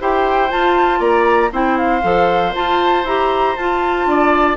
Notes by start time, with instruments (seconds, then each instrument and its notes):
0.00 bassoon E4, clarinet G4, oboe C5, flute G5
0.50 clarinet F4, bassoon F4, flute A5
1.00 bassoon A#3, oboe D5, flute A#5
1.52 bassoon C4, clarinet E4, oboe C5, flute G5
1.78 flute F5
2.02 bassoon F3, clarinet A4
2.54 clarinet F4, bassoon F4, flute A5
3.05 bassoon E4, clarinet G4, flute A#5
3.56 bassoon F4, clarinet F4, flute A5
4.07 bassoon D4, oboe D5